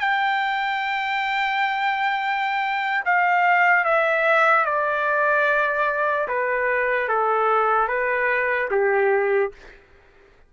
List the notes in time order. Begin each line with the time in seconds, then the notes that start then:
0.00 G5
3.05 F5
3.85 E5
4.65 D5
6.28 B4
7.09 A4
7.88 B4
8.71 G4